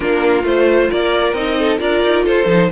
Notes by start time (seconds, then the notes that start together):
0.00 A#3 D4 F4 A#4
0.43 A3 F4 C5
0.90 A#3 A#4 D5
1.33 C4 D#4 D#5
1.58 A4
1.78 D4 F4 A#4 D5
2.03 D#4
2.23 F4 A4 C5
2.45 F3 D#4